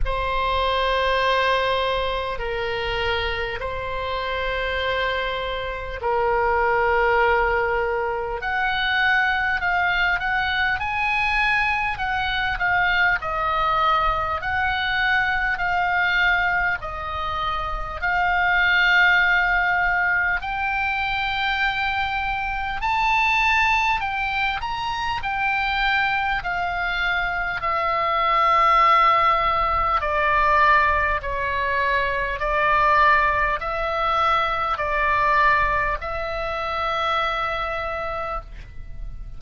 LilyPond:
\new Staff \with { instrumentName = "oboe" } { \time 4/4 \tempo 4 = 50 c''2 ais'4 c''4~ | c''4 ais'2 fis''4 | f''8 fis''8 gis''4 fis''8 f''8 dis''4 | fis''4 f''4 dis''4 f''4~ |
f''4 g''2 a''4 | g''8 ais''8 g''4 f''4 e''4~ | e''4 d''4 cis''4 d''4 | e''4 d''4 e''2 | }